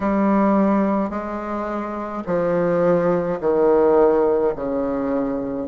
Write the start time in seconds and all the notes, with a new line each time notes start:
0.00 G3
1.10 G#3
2.26 F3
3.40 D#3
4.55 C#3